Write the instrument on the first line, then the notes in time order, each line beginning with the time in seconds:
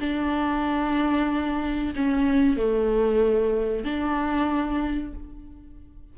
viola
0.00 D4
1.96 C#4
2.57 A3
3.84 D4